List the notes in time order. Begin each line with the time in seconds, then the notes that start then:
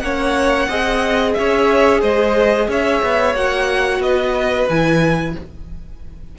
0.00 A#3 C#4 C#5 F#5
0.68 C4 G#4 D#5
1.33 C#4 C#5 E5
2.01 G#3 C5 D#5
2.68 C#4 C#5 E5
3.03 B3
3.34 A#3 F#4 F#5
3.99 B3 B4 D#5
4.69 E3 E4 G#5